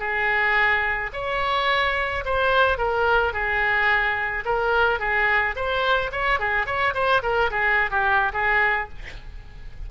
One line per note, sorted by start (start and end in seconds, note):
0.00 1.11 G#4
1.13 2.24 C#5
2.25 2.78 C5
2.78 3.34 A#4
3.34 4.45 G#4
4.45 5.00 A#4
5.00 5.55 G#4
5.56 6.12 C5
6.12 6.40 C#5
6.40 6.66 G#4
6.66 6.94 C#5
6.94 7.22 C5
7.23 7.51 A#4
7.51 7.91 G#4
7.91 8.33 G4
8.34 8.89 G#4